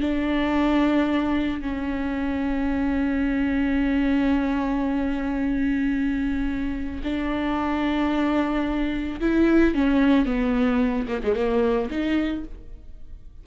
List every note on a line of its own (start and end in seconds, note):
0.00 1.61 D4
1.61 7.01 C#4
7.03 9.19 D4
9.20 9.74 E4
9.74 10.25 C#4
10.25 11.06 B3
11.07 11.21 A#3
11.22 11.35 G#3
11.35 11.89 A#3
11.90 12.44 D#4